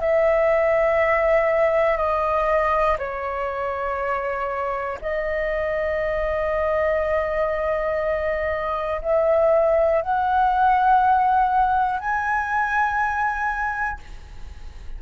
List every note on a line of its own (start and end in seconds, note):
0.00 1.97 E5
1.97 2.97 D#5
2.99 4.99 C#5
5.01 9.01 D#5
9.02 10.01 E5
10.01 11.99 F#5
11.99 13.99 G#5